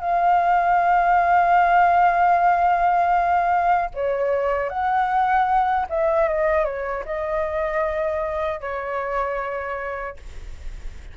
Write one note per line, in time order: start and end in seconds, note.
0.00 3.90 F5
3.94 4.69 C#5
4.69 5.86 F#5
5.89 6.28 E5
6.28 6.64 D#5
6.64 7.03 C#5
7.05 8.60 D#5
8.60 10.16 C#5